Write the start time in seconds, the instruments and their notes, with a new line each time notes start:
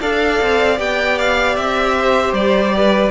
0.00 cello D4, viola A4, violin D5 F5
0.41 cello C4
0.76 cello B3, viola G4, violin G5
1.19 violin F5
1.56 cello C4, violin E5
1.98 violin C5
2.32 cello G3, violin D5
2.76 violin B4